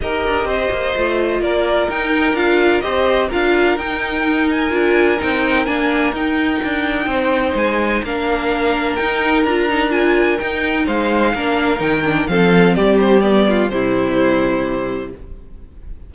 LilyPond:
<<
  \new Staff \with { instrumentName = "violin" } { \time 4/4 \tempo 4 = 127 dis''2. d''4 | g''4 f''4 dis''4 f''4 | g''4. gis''4. g''4 | gis''4 g''2. |
gis''4 f''2 g''4 | ais''4 gis''4 g''4 f''4~ | f''4 g''4 f''4 d''8 c''8 | d''4 c''2. | }
  \new Staff \with { instrumentName = "violin" } { \time 4/4 ais'4 c''2 ais'4~ | ais'2 c''4 ais'4~ | ais'1~ | ais'2. c''4~ |
c''4 ais'2.~ | ais'2. c''4 | ais'2 a'4 g'4~ | g'8 f'8 e'2. | }
  \new Staff \with { instrumentName = "viola" } { \time 4/4 g'2 f'2 | dis'4 f'4 g'4 f'4 | dis'2 f'4 dis'4 | d'4 dis'2.~ |
dis'4 d'2 dis'4 | f'8 dis'8 f'4 dis'2 | d'4 dis'8 d'8 c'2 | b4 g2. | }
  \new Staff \with { instrumentName = "cello" } { \time 4/4 dis'8 d'8 c'8 ais8 a4 ais4 | dis'4 d'4 c'4 d'4 | dis'2 d'4 c'4 | ais4 dis'4 d'4 c'4 |
gis4 ais2 dis'4 | d'2 dis'4 gis4 | ais4 dis4 f4 g4~ | g4 c2. | }
>>